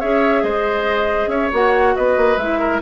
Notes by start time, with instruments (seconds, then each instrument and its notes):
0.00 bassoon C#4, clarinet G#4, oboe C#5, flute E5
0.43 bassoon G#3, oboe C5, flute D#5
1.27 bassoon C#4, oboe C#5, flute E5
1.53 bassoon A#3, clarinet F#4, flute F#5
1.96 bassoon B3, oboe B4, flute D#5
2.17 bassoon A#3
2.37 bassoon G#3, clarinet E4, flute E5
2.60 oboe A#4